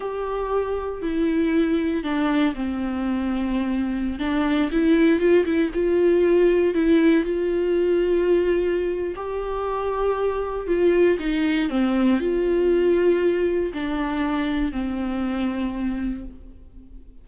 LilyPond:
\new Staff \with { instrumentName = "viola" } { \time 4/4 \tempo 4 = 118 g'2 e'2 | d'4 c'2.~ | c'16 d'4 e'4 f'8 e'8 f'8.~ | f'4~ f'16 e'4 f'4.~ f'16~ |
f'2 g'2~ | g'4 f'4 dis'4 c'4 | f'2. d'4~ | d'4 c'2. | }